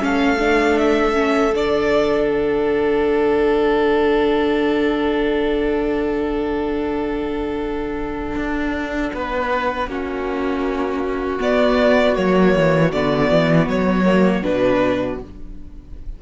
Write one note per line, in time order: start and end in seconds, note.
0.00 1.53 A3
0.00 0.38 C#4
0.00 9.15 A4
0.00 0.79 F5
0.39 1.14 D4
0.79 1.55 E5
1.14 1.52 C#4
1.53 8.36 D3
1.53 9.88 D4
1.53 2.28 D5
2.28 11.39 F#5
8.36 9.12 D4
9.14 9.87 B3
9.14 9.90 B4
9.87 11.39 A#3
9.87 11.40 C#4
9.87 15.22 F#4
11.40 12.15 B3
11.40 12.17 B3
11.40 12.16 D5
12.15 12.55 F#3
12.15 12.91 A#3
12.15 12.92 C#5
12.55 12.93 E3
12.93 13.31 D3
12.93 14.06 B3
12.93 13.69 D5
13.31 13.68 E3
13.68 14.44 F#3
13.68 14.44 C#5
14.06 14.43 A#3
14.43 15.22 B2
14.43 15.19 D4
14.43 15.19 B4